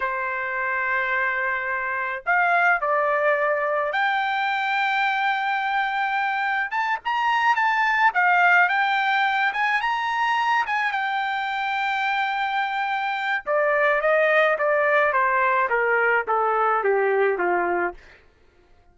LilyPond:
\new Staff \with { instrumentName = "trumpet" } { \time 4/4 \tempo 4 = 107 c''1 | f''4 d''2 g''4~ | g''1 | a''8 ais''4 a''4 f''4 g''8~ |
g''4 gis''8 ais''4. gis''8 g''8~ | g''1 | d''4 dis''4 d''4 c''4 | ais'4 a'4 g'4 f'4 | }